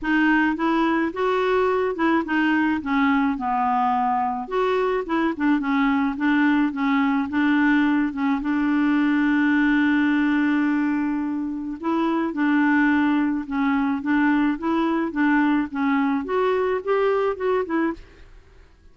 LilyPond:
\new Staff \with { instrumentName = "clarinet" } { \time 4/4 \tempo 4 = 107 dis'4 e'4 fis'4. e'8 | dis'4 cis'4 b2 | fis'4 e'8 d'8 cis'4 d'4 | cis'4 d'4. cis'8 d'4~ |
d'1~ | d'4 e'4 d'2 | cis'4 d'4 e'4 d'4 | cis'4 fis'4 g'4 fis'8 e'8 | }